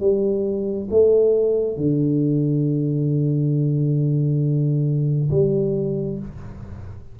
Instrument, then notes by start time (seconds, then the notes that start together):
tuba
0.00 G3
0.91 A3
1.77 D3
5.31 G3